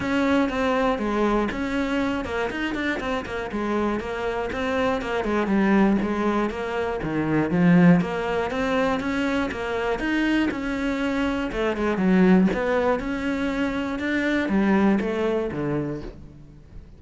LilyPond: \new Staff \with { instrumentName = "cello" } { \time 4/4 \tempo 4 = 120 cis'4 c'4 gis4 cis'4~ | cis'8 ais8 dis'8 d'8 c'8 ais8 gis4 | ais4 c'4 ais8 gis8 g4 | gis4 ais4 dis4 f4 |
ais4 c'4 cis'4 ais4 | dis'4 cis'2 a8 gis8 | fis4 b4 cis'2 | d'4 g4 a4 d4 | }